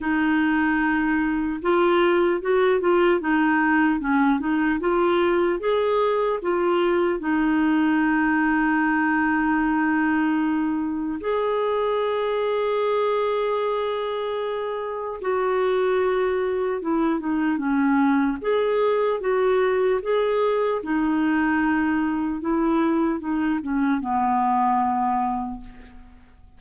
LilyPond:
\new Staff \with { instrumentName = "clarinet" } { \time 4/4 \tempo 4 = 75 dis'2 f'4 fis'8 f'8 | dis'4 cis'8 dis'8 f'4 gis'4 | f'4 dis'2.~ | dis'2 gis'2~ |
gis'2. fis'4~ | fis'4 e'8 dis'8 cis'4 gis'4 | fis'4 gis'4 dis'2 | e'4 dis'8 cis'8 b2 | }